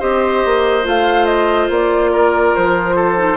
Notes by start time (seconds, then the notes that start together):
0.00 C4 G4 C5 D#5
0.45 A#3
0.83 A3 F4 F5
1.26 D#5
1.70 A#3 D5
2.13 A#4
2.55 F3 C5
2.96 A4
3.17 D#4